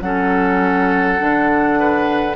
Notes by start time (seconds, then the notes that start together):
0.00 F#3 C#4 A4 F#5
1.19 D3 D4
1.79 B4